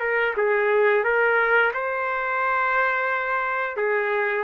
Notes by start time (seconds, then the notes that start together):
0.00 A#4
0.37 G#4
1.04 A#4
1.74 C5
3.77 G#4